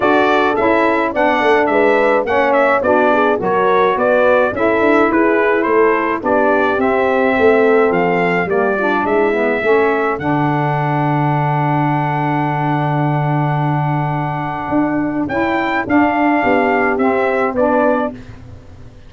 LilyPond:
<<
  \new Staff \with { instrumentName = "trumpet" } { \time 4/4 \tempo 4 = 106 d''4 e''4 fis''4 e''4 | fis''8 e''8 d''4 cis''4 d''4 | e''4 b'4 c''4 d''4 | e''2 f''4 d''4 |
e''2 fis''2~ | fis''1~ | fis''2. g''4 | f''2 e''4 d''4 | }
  \new Staff \with { instrumentName = "horn" } { \time 4/4 a'2 d''4 b'4 | cis''4 fis'8 gis'8 ais'4 b'4 | a'4 gis'4 a'4 g'4~ | g'4 a'2 g'8 f'8 |
e'4 a'2.~ | a'1~ | a'1~ | a'4 g'2 b'4 | }
  \new Staff \with { instrumentName = "saxophone" } { \time 4/4 fis'4 e'4 d'2 | cis'4 d'4 fis'2 | e'2. d'4 | c'2. ais8 d'8~ |
d'8 b8 cis'4 d'2~ | d'1~ | d'2. e'4 | d'2 c'4 d'4 | }
  \new Staff \with { instrumentName = "tuba" } { \time 4/4 d'4 cis'4 b8 a8 gis4 | ais4 b4 fis4 b4 | cis'8 d'8 e'4 a4 b4 | c'4 a4 f4 g4 |
gis4 a4 d2~ | d1~ | d2 d'4 cis'4 | d'4 b4 c'4 b4 | }
>>